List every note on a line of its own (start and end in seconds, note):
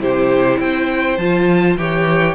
0.00 0.59 C3
0.00 1.18 E4
0.00 0.60 G4
0.00 0.60 C5
0.59 1.18 C4
0.59 1.78 C5
0.59 1.18 G5
1.18 1.77 F3
1.18 1.78 F4
1.18 1.76 A5
1.77 2.35 E3
1.77 2.35 G4
1.77 2.35 C#5
1.77 2.35 G5